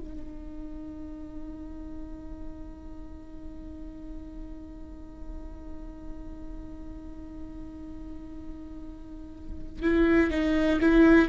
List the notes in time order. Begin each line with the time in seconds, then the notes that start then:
0.00 D#4
9.83 E4
10.31 D#4
10.81 E4